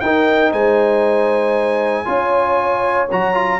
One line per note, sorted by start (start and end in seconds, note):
0.00 0.52 D#4
0.00 2.05 D#4
0.00 0.51 A#4
0.00 0.51 G5
0.51 2.06 G#3
0.51 2.05 C5
0.51 3.08 G#5
2.05 3.10 C#4
2.05 3.07 F4
2.05 3.60 C#5
3.11 3.60 F#3
3.11 3.34 F#4
3.11 3.60 A#5
3.34 3.60 F4